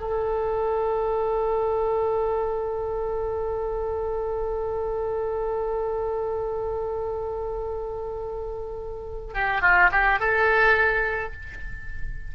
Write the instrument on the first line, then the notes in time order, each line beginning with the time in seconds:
oboe
0.00 A4
9.34 G4
9.61 F4
9.92 G4
10.19 A4